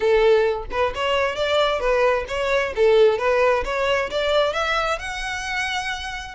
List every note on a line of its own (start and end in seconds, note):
0.00 0.65 A4
0.71 0.93 B4
0.94 1.35 C#5
1.35 1.80 D5
1.80 2.25 B4
2.28 2.73 C#5
2.75 3.18 A4
3.18 3.63 B4
3.64 4.10 C#5
4.10 4.53 D5
4.53 4.98 E5
4.99 6.35 F#5